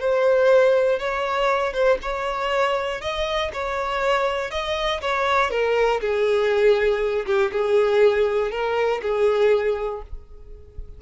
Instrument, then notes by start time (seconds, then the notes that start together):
violin
0.00 C5
0.99 C#5
1.73 C5
2.02 C#5
3.01 D#5
3.53 C#5
4.51 D#5
5.01 C#5
5.50 A#4
6.01 G#4
7.26 G4
7.52 G#4
8.51 A#4
9.02 G#4